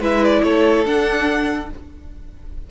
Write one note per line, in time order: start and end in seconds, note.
0.00 0.42 G#3
0.00 0.86 E4
0.00 0.43 B4
0.00 0.24 E5
0.24 0.43 D5
0.43 0.85 A3
0.43 1.70 A4
0.43 0.85 C#5
0.85 1.69 D4
0.85 1.71 D4
0.85 1.71 F#5